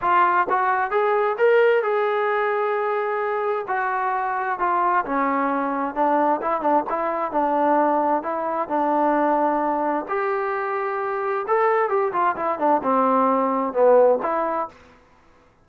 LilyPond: \new Staff \with { instrumentName = "trombone" } { \time 4/4 \tempo 4 = 131 f'4 fis'4 gis'4 ais'4 | gis'1 | fis'2 f'4 cis'4~ | cis'4 d'4 e'8 d'8 e'4 |
d'2 e'4 d'4~ | d'2 g'2~ | g'4 a'4 g'8 f'8 e'8 d'8 | c'2 b4 e'4 | }